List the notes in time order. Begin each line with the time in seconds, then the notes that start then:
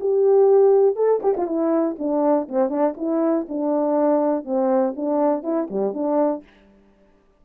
0.00 G4
0.96 A4
1.23 G4
1.37 F4
1.47 E4
1.98 D4
2.48 C4
2.69 D4
2.97 E4
3.48 D4
4.44 C4
4.96 D4
5.43 E4
5.70 G3
5.93 D4